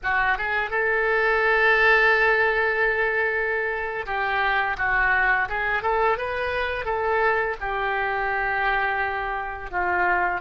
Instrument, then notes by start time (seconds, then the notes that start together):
oboe
0.03 F#4
0.38 G#4
0.70 A4
4.06 G4
4.77 F#4
5.49 G#4
5.82 A4
6.17 B4
6.85 A4
7.60 G4
9.71 F4